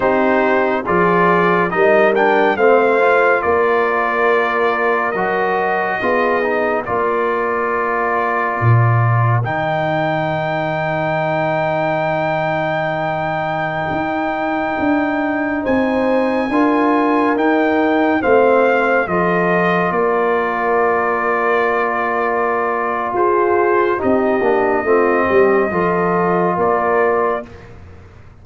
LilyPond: <<
  \new Staff \with { instrumentName = "trumpet" } { \time 4/4 \tempo 4 = 70 c''4 d''4 dis''8 g''8 f''4 | d''2 dis''2 | d''2. g''4~ | g''1~ |
g''2~ g''16 gis''4.~ gis''16~ | gis''16 g''4 f''4 dis''4 d''8.~ | d''2. c''4 | dis''2. d''4 | }
  \new Staff \with { instrumentName = "horn" } { \time 4/4 g'4 gis'4 ais'4 c''4 | ais'2. gis'4 | ais'1~ | ais'1~ |
ais'2~ ais'16 c''4 ais'8.~ | ais'4~ ais'16 c''4 a'4 ais'8.~ | ais'2. gis'4 | g'4 f'8 g'8 a'4 ais'4 | }
  \new Staff \with { instrumentName = "trombone" } { \time 4/4 dis'4 f'4 dis'8 d'8 c'8 f'8~ | f'2 fis'4 f'8 dis'8 | f'2. dis'4~ | dis'1~ |
dis'2.~ dis'16 f'8.~ | f'16 dis'4 c'4 f'4.~ f'16~ | f'1 | dis'8 d'8 c'4 f'2 | }
  \new Staff \with { instrumentName = "tuba" } { \time 4/4 c'4 f4 g4 a4 | ais2 fis4 b4 | ais2 ais,4 dis4~ | dis1~ |
dis16 dis'4 d'4 c'4 d'8.~ | d'16 dis'4 a4 f4 ais8.~ | ais2. f'4 | c'8 ais8 a8 g8 f4 ais4 | }
>>